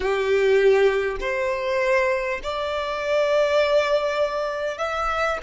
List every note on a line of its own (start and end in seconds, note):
0.00 1.17 G4
1.20 2.40 C5
2.43 4.77 D5
4.77 5.37 E5